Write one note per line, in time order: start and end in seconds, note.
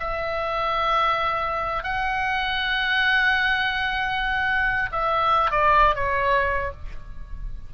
0.00 1.84 E5
1.84 4.90 F#5
4.92 5.51 E5
5.51 5.95 D5
5.95 6.72 C#5